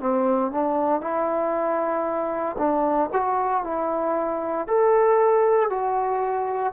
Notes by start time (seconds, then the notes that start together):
0.00 C4
0.52 D4
1.01 E4
2.58 D4
3.13 F#4
3.64 E4
4.67 A4
5.70 F#4